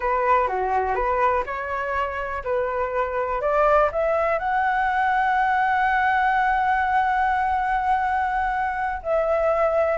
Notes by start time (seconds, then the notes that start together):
0.00 B4
0.47 F#4
0.95 B4
1.45 C#5
2.44 B4
3.41 D5
3.92 E5
4.38 F#5
9.02 E5